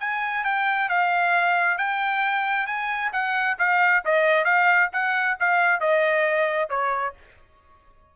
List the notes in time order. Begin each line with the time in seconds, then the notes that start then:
0.00 G#5
0.45 G5
0.89 F5
1.78 G5
2.67 G#5
3.13 F#5
3.59 F5
4.05 D#5
4.45 F5
4.93 F#5
5.40 F5
5.80 D#5
6.70 C#5